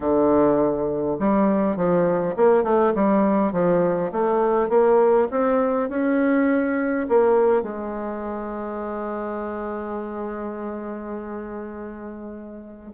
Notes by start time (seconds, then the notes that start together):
0.00 D3
1.19 G3
1.76 F3
2.36 A#3
2.63 A3
2.94 G3
3.52 F3
4.12 A3
4.69 A#3
5.30 C4
5.89 C#4
7.09 A#3
7.62 G#3